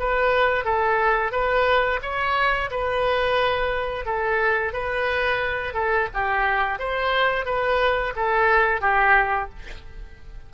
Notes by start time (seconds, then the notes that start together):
0.00 B4
0.65 A4
1.32 B4
2.03 C#5
2.71 B4
4.06 A4
4.73 B4
5.75 A4
6.14 G4
6.79 C5
7.46 B4
8.17 A4
8.82 G4